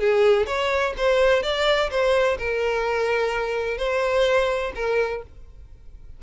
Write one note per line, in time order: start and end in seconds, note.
0.00 0.47 G#4
0.47 0.94 C#5
0.98 1.43 C5
1.43 1.91 D5
1.91 2.38 C5
2.39 3.78 A#4
3.78 4.73 C5
4.76 5.23 A#4